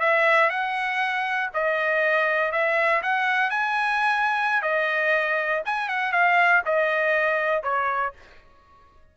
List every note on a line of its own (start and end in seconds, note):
0.00 0.50 E5
0.50 1.50 F#5
1.54 2.52 D#5
2.52 3.02 E5
3.03 3.51 F#5
3.51 4.62 G#5
4.62 5.62 D#5
5.66 5.89 G#5
5.89 6.12 F#5
6.12 6.62 F5
6.66 7.63 D#5
7.63 8.13 C#5